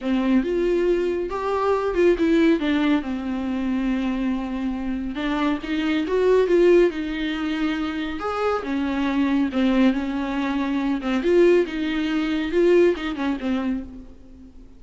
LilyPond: \new Staff \with { instrumentName = "viola" } { \time 4/4 \tempo 4 = 139 c'4 f'2 g'4~ | g'8 f'8 e'4 d'4 c'4~ | c'1 | d'4 dis'4 fis'4 f'4 |
dis'2. gis'4 | cis'2 c'4 cis'4~ | cis'4. c'8 f'4 dis'4~ | dis'4 f'4 dis'8 cis'8 c'4 | }